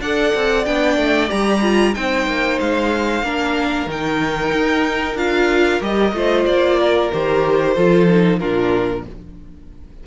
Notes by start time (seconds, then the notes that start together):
0.00 D4 A4 D5 F#5
0.35 C4
0.65 B3 D4 G5
0.97 A3
1.28 G3 G4 A#5
1.62 F4
1.94 C4 D#4 C5 G5
2.26 A#3
2.60 G#3 F5
3.22 A#3 D4 A#4
3.86 D#3 D#4 G5
4.52 D#4
5.15 D4 F4 F5
5.81 G3 G4 D#5
6.13 A3 F4 C5
6.45 A#3 D5
6.80 A#4
7.13 D#3 G4 C5
7.75 F3 F4 A4
8.08 D#4
8.39 A#2 D4 F4 A#4